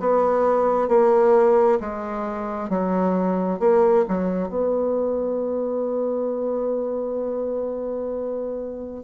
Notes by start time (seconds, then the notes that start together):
0.00 B3
0.88 A#3
1.81 G#3
2.70 F#3
3.60 A#3
4.09 F#3
4.49 B3